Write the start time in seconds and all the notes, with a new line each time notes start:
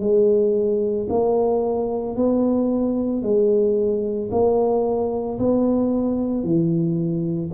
0.00 G#3
1.09 A#3
2.16 B3
3.22 G#3
4.31 A#3
5.39 B3
6.43 E3